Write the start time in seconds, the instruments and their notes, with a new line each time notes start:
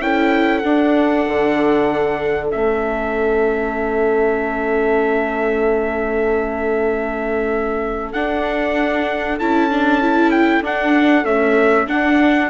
0.00 bassoon C#4, viola E4, horn A4, trumpet G5
0.59 viola D4, bassoon D4, trumpet F#5
1.27 bassoon D3
2.50 bassoon A3, viola C#4, trumpet E5
8.13 bassoon D4, viola D4, trumpet F#5
9.39 bassoon C#4, viola E4, trumpet A5
9.70 viola D4
10.01 viola E4
10.31 trumpet G5
10.61 bassoon D4, viola D4, trumpet F#5
11.24 viola A3, bassoon C#4, trumpet E5
11.87 viola D4, bassoon D4, trumpet F#5